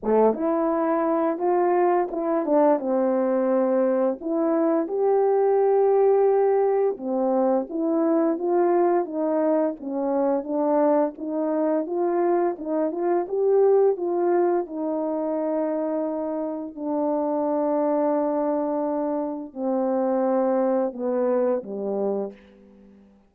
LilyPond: \new Staff \with { instrumentName = "horn" } { \time 4/4 \tempo 4 = 86 a8 e'4. f'4 e'8 d'8 | c'2 e'4 g'4~ | g'2 c'4 e'4 | f'4 dis'4 cis'4 d'4 |
dis'4 f'4 dis'8 f'8 g'4 | f'4 dis'2. | d'1 | c'2 b4 g4 | }